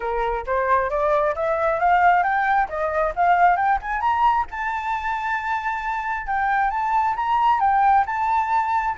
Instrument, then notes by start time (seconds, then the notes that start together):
flute
0.00 A#4
0.46 C5
0.90 D5
1.35 E5
1.79 F5
2.23 G5
2.68 D#5
3.15 F5
3.56 G5
3.81 G#5
4.01 A#5
4.50 A5
6.26 G5
6.70 A5
7.16 A#5
7.60 G5
8.06 A5